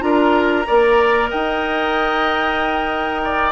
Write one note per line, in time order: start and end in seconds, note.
0.00 0.66 D4
0.00 0.64 F4
0.00 0.67 A#4
0.00 1.28 A#5
0.67 1.33 A#3
0.67 3.52 A#4
0.67 1.30 D5
1.30 3.52 D#4
1.30 3.22 D#5
1.30 3.52 G5
3.24 3.52 D5